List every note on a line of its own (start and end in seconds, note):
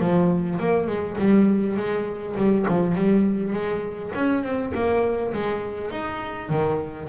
0.00 0.59 F3
0.59 0.87 A#3
0.87 1.17 G#3
1.18 1.77 G3
1.77 2.36 G#3
2.37 2.66 G3
2.68 2.95 F3
2.95 3.53 G3
3.53 4.12 G#3
4.15 4.43 C#4
4.43 4.73 C4
4.74 5.33 A#3
5.33 5.91 G#3
5.91 6.50 D#4
6.50 7.09 D#3